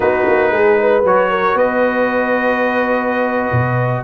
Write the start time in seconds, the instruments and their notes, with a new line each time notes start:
0.00 tuba B3, trombone D#4, horn F#4, trumpet B4
0.27 tuba A#3
0.51 tuba G#3, horn G#4
0.78 horn B4
1.03 tuba F#3, trombone F#4, trumpet C#5
1.30 horn A#4
1.54 tuba B3, horn B4, trumpet D#5
3.52 tuba B2